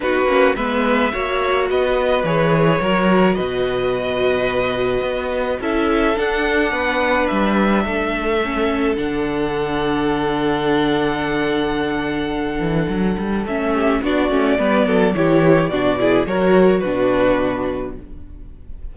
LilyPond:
<<
  \new Staff \with { instrumentName = "violin" } { \time 4/4 \tempo 4 = 107 b'4 e''2 dis''4 | cis''2 dis''2~ | dis''2 e''4 fis''4~ | fis''4 e''2. |
fis''1~ | fis''1 | e''4 d''2 cis''4 | d''4 cis''4 b'2 | }
  \new Staff \with { instrumentName = "violin" } { \time 4/4 fis'4 b'4 cis''4 b'4~ | b'4 ais'4 b'2~ | b'2 a'2 | b'2 a'2~ |
a'1~ | a'1~ | a'8 g'8 fis'4 b'8 a'8 g'4 | fis'8 gis'8 ais'4 fis'2 | }
  \new Staff \with { instrumentName = "viola" } { \time 4/4 dis'8 cis'8 b4 fis'2 | gis'4 fis'2.~ | fis'2 e'4 d'4~ | d'2. cis'4 |
d'1~ | d'1 | cis'4 d'8 cis'8 b4 e'4 | d'8 e'8 fis'4 d'2 | }
  \new Staff \with { instrumentName = "cello" } { \time 4/4 b8 ais8 gis4 ais4 b4 | e4 fis4 b,2~ | b,4 b4 cis'4 d'4 | b4 g4 a2 |
d1~ | d2~ d8 e8 fis8 g8 | a4 b8 a8 g8 fis8 e4 | b,4 fis4 b,2 | }
>>